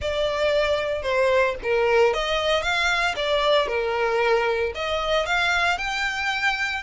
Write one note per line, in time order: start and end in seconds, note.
0.01 1.02 D5
1.02 1.55 C5
1.63 2.13 A#4
2.13 2.62 D#5
2.62 3.15 F5
3.16 3.67 D5
3.67 4.72 A#4
4.74 5.26 D#5
5.26 5.78 F5
5.78 6.83 G5